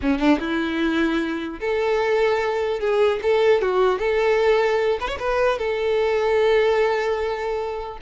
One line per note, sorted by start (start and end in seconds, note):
0.01 0.19 C#4
0.19 0.39 D4
0.39 1.59 E4
1.60 2.79 A4
2.79 3.19 G#4
3.22 3.61 A4
3.61 3.98 F#4
3.98 4.98 A4
5.00 5.07 B4
5.07 5.17 C#5
5.19 5.58 B4
5.58 7.98 A4